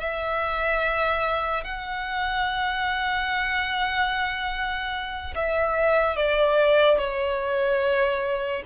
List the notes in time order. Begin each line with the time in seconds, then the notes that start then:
0.00 E5
1.64 F#5
5.35 E5
6.16 D5
6.99 C#5